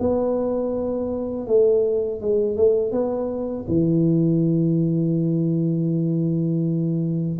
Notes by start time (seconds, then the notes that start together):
0.00 B3
1.47 A3
2.22 G#3
2.57 A3
2.92 B3
3.69 E3